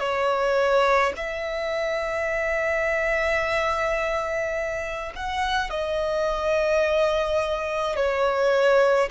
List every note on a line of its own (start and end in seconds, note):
0.00 1.13 C#5
1.17 5.13 E5
5.16 5.70 F#5
5.70 7.97 D#5
7.97 9.10 C#5